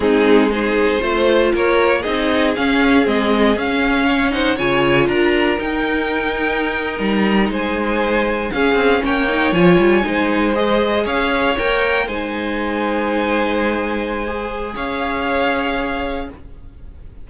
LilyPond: <<
  \new Staff \with { instrumentName = "violin" } { \time 4/4 \tempo 4 = 118 gis'4 c''2 cis''4 | dis''4 f''4 dis''4 f''4~ | f''8 fis''8 gis''4 ais''4 g''4~ | g''4.~ g''16 ais''4 gis''4~ gis''16~ |
gis''8. f''4 g''4 gis''4~ gis''16~ | gis''8. dis''4 f''4 g''4 gis''16~ | gis''1~ | gis''4 f''2. | }
  \new Staff \with { instrumentName = "violin" } { \time 4/4 dis'4 gis'4 c''4 ais'4 | gis'1 | cis''8 c''8 cis''4 ais'2~ | ais'2~ ais'8. c''4~ c''16~ |
c''8. gis'4 cis''2 c''16~ | c''4.~ c''16 cis''2 c''16~ | c''1~ | c''4 cis''2. | }
  \new Staff \with { instrumentName = "viola" } { \time 4/4 c'4 dis'4 f'2 | dis'4 cis'4 c'4 cis'4~ | cis'8 dis'8 f'2 dis'4~ | dis'1~ |
dis'8. cis'4. dis'8 f'4 dis'16~ | dis'8. gis'2 ais'4 dis'16~ | dis'1 | gis'1 | }
  \new Staff \with { instrumentName = "cello" } { \time 4/4 gis2 a4 ais4 | c'4 cis'4 gis4 cis'4~ | cis'4 cis4 d'4 dis'4~ | dis'4.~ dis'16 g4 gis4~ gis16~ |
gis8. cis'8 c'8 ais4 f8 g8 gis16~ | gis4.~ gis16 cis'4 ais4 gis16~ | gis1~ | gis4 cis'2. | }
>>